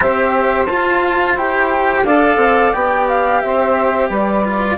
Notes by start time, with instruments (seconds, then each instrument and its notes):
0.00 bassoon C4, cello G4, saxophone C5, flute E5
0.65 bassoon F4, cello F4, flute A5
1.34 bassoon E4, cello G4, flute G5
2.04 bassoon D4, cello A4, saxophone D5, flute F5
2.37 bassoon C4
2.73 bassoon B3, cello G4, flute G5
3.08 flute F5
3.41 bassoon C4, saxophone C5, flute E5
4.08 bassoon G3, saxophone B4, flute D5
4.44 cello F4